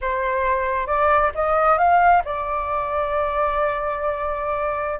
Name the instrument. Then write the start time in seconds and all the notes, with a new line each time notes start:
flute
0.01 C5
0.86 D5
1.34 D#5
1.77 F5
2.24 D5